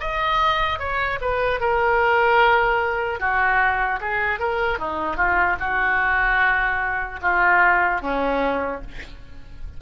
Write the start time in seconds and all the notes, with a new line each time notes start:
0.00 D#5
0.79 C#5
1.21 B4
1.60 A#4
3.20 F#4
4.00 G#4
4.39 A#4
4.78 D#4
5.16 F4
5.60 F#4
7.21 F4
8.01 C#4